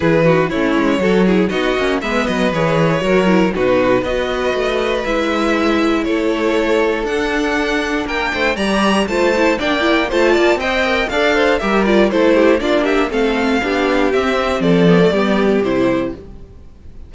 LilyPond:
<<
  \new Staff \with { instrumentName = "violin" } { \time 4/4 \tempo 4 = 119 b'4 cis''2 dis''4 | e''8 dis''8 cis''2 b'4 | dis''2 e''2 | cis''2 fis''2 |
g''4 ais''4 a''4 g''4 | a''4 g''4 f''4 e''8 d''8 | c''4 d''8 e''8 f''2 | e''4 d''2 c''4 | }
  \new Staff \with { instrumentName = "violin" } { \time 4/4 gis'8 fis'8 e'4 a'8 gis'8 fis'4 | b'2 ais'4 fis'4 | b'1 | a'1 |
ais'8 c''8 d''4 c''4 d''4 | c''8 d''8 dis''4 d''8 c''8 ais'4 | a'8 g'8 f'8 g'8 a'4 g'4~ | g'4 a'4 g'2 | }
  \new Staff \with { instrumentName = "viola" } { \time 4/4 e'8 dis'8 cis'4 fis'8 e'8 dis'8 cis'8 | b4 gis'4 fis'8 e'8 dis'4 | fis'2 e'2~ | e'2 d'2~ |
d'4 g'4 f'8 e'8 d'8 e'8 | f'4 c''8 ais'8 a'4 g'8 f'8 | e'4 d'4 c'4 d'4 | c'4. b16 a16 b4 e'4 | }
  \new Staff \with { instrumentName = "cello" } { \time 4/4 e4 a8 gis8 fis4 b8 ais8 | gis8 fis8 e4 fis4 b,4 | b4 a4 gis2 | a2 d'2 |
ais8 a8 g4 a4 ais4 | a8 ais8 c'4 d'4 g4 | a4 ais4 a4 b4 | c'4 f4 g4 c4 | }
>>